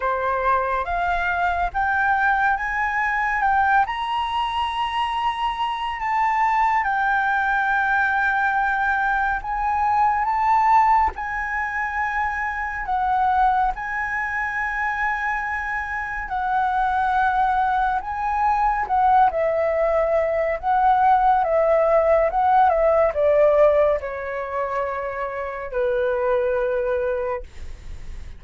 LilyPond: \new Staff \with { instrumentName = "flute" } { \time 4/4 \tempo 4 = 70 c''4 f''4 g''4 gis''4 | g''8 ais''2~ ais''8 a''4 | g''2. gis''4 | a''4 gis''2 fis''4 |
gis''2. fis''4~ | fis''4 gis''4 fis''8 e''4. | fis''4 e''4 fis''8 e''8 d''4 | cis''2 b'2 | }